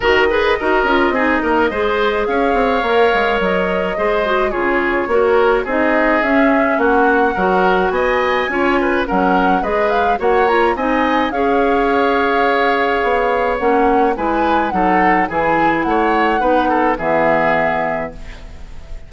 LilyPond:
<<
  \new Staff \with { instrumentName = "flute" } { \time 4/4 \tempo 4 = 106 dis''1 | f''2 dis''2 | cis''2 dis''4 e''4 | fis''2 gis''2 |
fis''4 dis''8 f''8 fis''8 ais''8 gis''4 | f''1 | fis''4 gis''4 fis''4 gis''4 | fis''2 e''2 | }
  \new Staff \with { instrumentName = "oboe" } { \time 4/4 ais'8 b'8 ais'4 gis'8 ais'8 c''4 | cis''2. c''4 | gis'4 ais'4 gis'2 | fis'4 ais'4 dis''4 cis''8 b'8 |
ais'4 b'4 cis''4 dis''4 | cis''1~ | cis''4 b'4 a'4 gis'4 | cis''4 b'8 a'8 gis'2 | }
  \new Staff \with { instrumentName = "clarinet" } { \time 4/4 fis'8 gis'8 fis'8 f'8 dis'4 gis'4~ | gis'4 ais'2 gis'8 fis'8 | f'4 fis'4 dis'4 cis'4~ | cis'4 fis'2 f'4 |
cis'4 gis'4 fis'8 f'8 dis'4 | gis'1 | cis'4 e'4 dis'4 e'4~ | e'4 dis'4 b2 | }
  \new Staff \with { instrumentName = "bassoon" } { \time 4/4 dis4 dis'8 cis'8 c'8 ais8 gis4 | cis'8 c'8 ais8 gis8 fis4 gis4 | cis4 ais4 c'4 cis'4 | ais4 fis4 b4 cis'4 |
fis4 gis4 ais4 c'4 | cis'2. b4 | ais4 gis4 fis4 e4 | a4 b4 e2 | }
>>